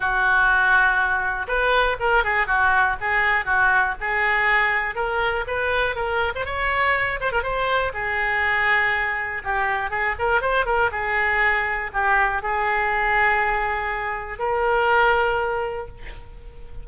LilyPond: \new Staff \with { instrumentName = "oboe" } { \time 4/4 \tempo 4 = 121 fis'2. b'4 | ais'8 gis'8 fis'4 gis'4 fis'4 | gis'2 ais'4 b'4 | ais'8. c''16 cis''4. c''16 ais'16 c''4 |
gis'2. g'4 | gis'8 ais'8 c''8 ais'8 gis'2 | g'4 gis'2.~ | gis'4 ais'2. | }